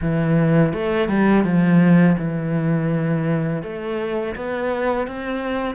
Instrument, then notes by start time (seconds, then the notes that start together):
cello
0.01 E3
0.73 A3
1.08 G3
1.44 F3
2.18 E3
3.62 A3
4.35 B3
5.07 C4